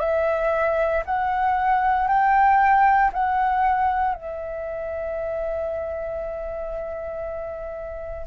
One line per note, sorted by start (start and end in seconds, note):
0.00 1.03 E5
1.06 2.08 F#5
2.08 3.11 G5
3.13 4.15 F#5
4.15 8.27 E5